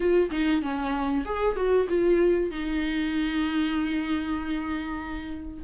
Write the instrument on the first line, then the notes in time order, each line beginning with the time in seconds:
viola
0.00 F4
0.30 D#4
0.62 C#4
1.25 G#4
1.55 F#4
1.88 F4
2.51 D#4